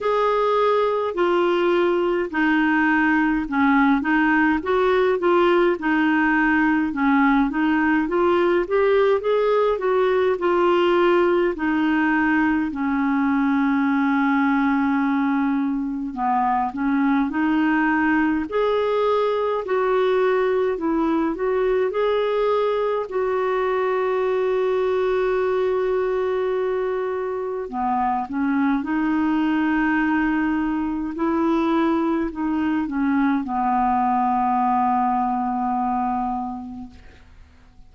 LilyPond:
\new Staff \with { instrumentName = "clarinet" } { \time 4/4 \tempo 4 = 52 gis'4 f'4 dis'4 cis'8 dis'8 | fis'8 f'8 dis'4 cis'8 dis'8 f'8 g'8 | gis'8 fis'8 f'4 dis'4 cis'4~ | cis'2 b8 cis'8 dis'4 |
gis'4 fis'4 e'8 fis'8 gis'4 | fis'1 | b8 cis'8 dis'2 e'4 | dis'8 cis'8 b2. | }